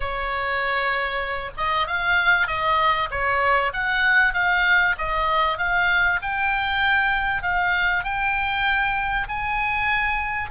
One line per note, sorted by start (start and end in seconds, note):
0.00 1.50 C#5
1.57 1.87 D#5
1.87 2.47 F5
2.47 3.09 D#5
3.10 3.72 C#5
3.73 4.33 F#5
4.33 4.95 F5
4.98 5.58 D#5
5.58 6.19 F5
6.22 7.42 G5
7.42 8.04 F5
8.04 9.27 G5
9.28 10.50 G#5